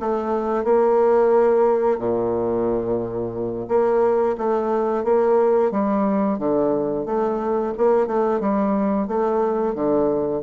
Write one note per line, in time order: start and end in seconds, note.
0.00 0.64 A3
0.64 1.98 A#3
1.98 3.67 A#2
3.68 4.36 A#3
4.37 5.04 A3
5.04 5.71 A#3
5.71 6.38 G3
6.38 7.06 D3
7.06 7.73 A3
7.77 8.07 A#3
8.07 8.40 A3
8.40 9.07 G3
9.07 9.75 A3
9.75 10.42 D3